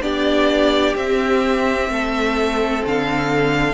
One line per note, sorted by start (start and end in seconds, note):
0.00 0.94 B3
0.00 0.96 D4
0.00 1.90 G4
0.00 0.95 D5
0.95 1.89 C4
0.95 3.74 C4
0.95 2.84 E5
1.89 2.82 A3
1.89 3.74 A4
2.85 3.74 D3
2.85 3.74 F5